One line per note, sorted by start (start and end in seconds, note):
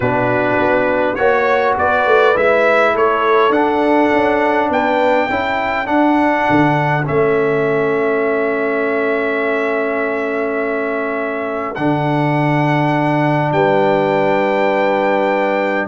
0.00 0.57 B2
0.00 1.17 D4
0.00 1.16 F#4
0.00 1.15 B4
0.58 1.17 B3
1.15 1.76 A#3
1.15 2.35 F#4
1.15 1.74 C#5
1.15 1.75 C#5
1.77 2.06 B3
1.77 2.93 B4
1.77 2.37 D5
2.06 2.35 A3
2.35 2.95 G#3
2.35 3.52 E4
2.35 2.96 E5
2.93 3.49 A3
2.93 4.69 A4
2.93 3.52 C#5
3.49 4.08 D4
3.49 5.30 D4
3.49 4.70 F#5
4.12 4.69 C#4
4.69 5.28 B3
4.69 5.29 B4
4.69 5.86 G5
5.29 5.87 C#4
5.29 5.85 E4
5.29 13.53 A4
5.85 7.03 D4
5.85 6.46 D4
5.85 7.04 F#5
6.49 7.08 D3
7.04 11.77 A3
7.04 11.75 C#4
7.04 11.75 E5
11.75 13.51 D3
11.75 15.88 D4
11.75 13.51 F#5
13.51 15.87 G3
13.51 15.88 B4
13.51 15.87 G5